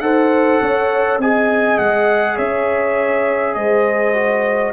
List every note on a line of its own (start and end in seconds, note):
0.00 0.59 D#4
0.00 1.19 A4
0.00 0.62 C5
0.00 1.18 F#5
0.62 1.18 C#4
0.62 1.21 C#5
1.18 1.76 C4
1.18 4.13 G#4
1.18 2.36 D#5
1.18 1.78 G#5
1.78 2.37 G#3
1.78 2.37 F#5
2.36 3.55 C#4
2.36 3.53 C#5
2.36 3.54 E5
3.54 4.73 G#3
3.54 4.73 C5
3.54 4.72 D#5
4.13 4.72 F#4